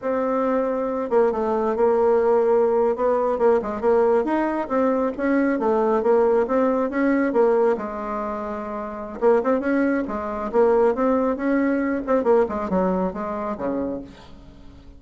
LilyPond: \new Staff \with { instrumentName = "bassoon" } { \time 4/4 \tempo 4 = 137 c'2~ c'8 ais8 a4 | ais2~ ais8. b4 ais16~ | ais16 gis8 ais4 dis'4 c'4 cis'16~ | cis'8. a4 ais4 c'4 cis'16~ |
cis'8. ais4 gis2~ gis16~ | gis4 ais8 c'8 cis'4 gis4 | ais4 c'4 cis'4. c'8 | ais8 gis8 fis4 gis4 cis4 | }